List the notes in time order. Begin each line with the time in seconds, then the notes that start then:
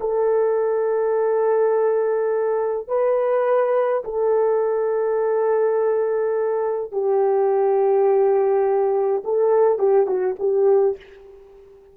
0.00 A4
2.87 B4
4.04 A4
6.91 G4
9.24 A4
9.78 G4
10.06 F#4
10.38 G4